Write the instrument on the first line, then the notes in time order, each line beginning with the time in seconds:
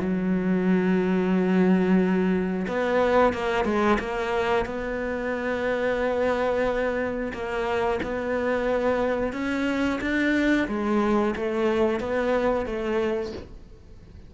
cello
0.00 F#3
2.68 B3
3.34 A#3
3.65 G#3
3.99 A#3
4.66 B3
7.33 A#3
8.03 B3
9.33 C#4
10.01 D4
10.68 G#3
11.36 A3
12.00 B3
12.66 A3